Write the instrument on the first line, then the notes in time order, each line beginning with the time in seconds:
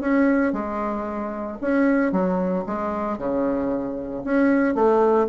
bassoon
0.00 C#4
0.52 G#3
1.61 C#4
2.11 F#3
2.66 G#3
3.17 C#3
4.24 C#4
4.74 A3